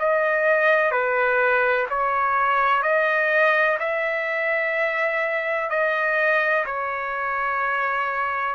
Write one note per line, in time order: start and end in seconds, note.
0.00 0.92 D#5
0.92 1.87 B4
1.90 2.83 C#5
2.83 3.78 D#5
3.80 5.70 E5
5.70 6.65 D#5
6.66 8.55 C#5